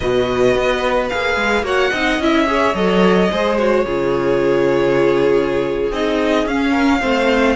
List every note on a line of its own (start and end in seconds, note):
0.00 0.55 B2
0.00 1.10 F#4
0.00 1.64 B4
0.00 1.08 D#5
0.55 1.10 B3
1.09 1.36 A#3
1.09 1.63 G#4
1.09 1.64 F5
1.36 1.62 G#3
1.62 1.90 A#3
1.62 1.91 F#4
1.62 1.91 C#5
1.62 2.22 F#5
1.91 2.18 C4
1.91 2.21 D#4
1.91 2.46 D#5
2.18 2.74 C#4
2.18 2.46 E4
2.18 2.75 E5
2.46 2.74 G#4
2.46 3.31 C#5
2.74 3.29 F#3
2.74 3.29 A4
2.74 3.57 D#5
3.31 3.85 G#3
3.31 3.58 G#4
3.31 3.85 C5
3.58 3.85 F#4
3.58 5.92 C#5
3.85 5.91 C#3
3.85 5.92 F4
3.85 6.70 G#4
5.91 6.45 C4
5.91 6.47 D#4
5.91 6.47 D#5
6.45 7.00 C#4
6.45 7.55 F5
6.70 6.98 A#4
7.00 7.55 A3
7.00 7.55 C4
7.00 7.55 C5